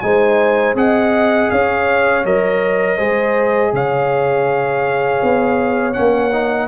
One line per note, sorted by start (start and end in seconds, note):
0.00 0.75 G#3
0.00 0.76 D#4
0.00 0.78 C5
0.00 0.74 G#5
0.75 1.49 C4
0.75 2.24 G#4
0.75 1.52 D#5
0.75 1.51 F#5
1.51 2.25 C#4
1.51 2.97 C#5
1.51 2.25 F5
2.25 2.99 F#3
2.25 2.98 A#4
2.25 3.74 D#5
2.97 3.73 G#3
2.97 5.93 G#4
2.97 3.71 C5
3.73 5.21 C#3
3.73 6.68 C#5
3.73 5.93 F5
5.23 5.97 B3
5.93 6.68 A#3
5.93 6.30 C#4
5.93 6.67 F#5
6.33 6.68 D#4